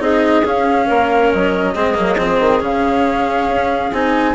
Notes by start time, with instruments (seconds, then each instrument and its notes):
0.00 bassoon C4, cello D#4, clarinet G#4, flute D#5
0.45 bassoon C#4, cello C#4, flute F5
0.87 bassoon A#3, clarinet A#4
1.33 bassoon F#3, flute D#5
1.74 bassoon G#3, cello C4, clarinet G#4
1.95 bassoon F#3, cello A#3
2.18 bassoon F3, cello C4
2.40 bassoon D#3
2.61 bassoon C#3, cello C#4, flute F5
3.48 bassoon C#4
3.92 bassoon C4, cello D#4, flute G#5